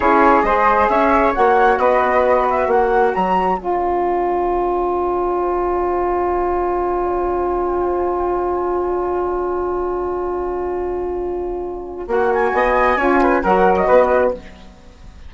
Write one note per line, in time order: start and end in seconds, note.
0.00 0.43 C#4
0.00 0.43 E4
0.00 0.45 G#4
0.00 0.42 C#5
0.42 0.87 G#3
0.42 1.33 G#4
0.42 0.90 C5
0.42 0.87 D#5
0.88 1.34 C#4
0.88 1.79 C#5
0.88 1.33 E5
1.33 1.77 A#3
1.33 3.57 F#4
1.33 1.79 F#5
1.77 2.67 B3
1.77 2.69 B4
1.77 2.46 D#5
2.50 2.70 E5
2.67 3.12 A#3
2.67 12.54 C#5
2.67 3.14 F#5
3.14 3.58 F#3
3.14 3.58 A#5
3.58 12.07 C#4
3.58 12.07 F4
3.58 12.09 G#5
12.07 12.51 A#3
12.07 12.96 F#4
12.07 12.33 F#5
12.33 13.43 G#5
12.53 12.96 B3
12.53 12.97 D#5
12.96 13.41 C#4
12.96 13.43 F4
12.96 13.20 C#5
13.21 13.42 B4
13.42 13.88 F#3
13.42 14.33 F#4
13.42 13.86 A#4
13.42 13.76 F#5
13.76 14.32 D#5
13.86 14.33 B3
13.86 14.31 B4